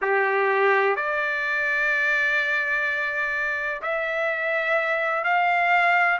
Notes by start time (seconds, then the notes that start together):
0.01 G4
0.96 D5
3.81 E5
5.23 F5